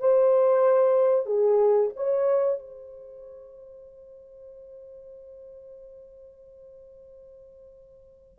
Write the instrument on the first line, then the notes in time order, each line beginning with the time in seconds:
horn
0.00 C5
1.26 G#4
1.96 C#5
2.59 C5